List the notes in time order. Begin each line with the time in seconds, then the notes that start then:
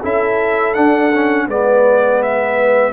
0.00 C#4 E4 A4 E5
0.74 D4 F#5
1.14 C#4
1.48 G#3 B3 B4 D5
2.23 E5